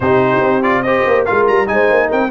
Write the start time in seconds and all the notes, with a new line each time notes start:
0.00 C3 D#4 G4 C5
0.40 C4
0.62 F4 D5
0.82 G4 C5 D#5
1.06 A#3
1.25 G#3 F4 A#4 F5
1.47 G3 A#5
1.66 G#3 D#4 G#5
1.72 C5
1.89 A#3
2.07 C4 A#4 G5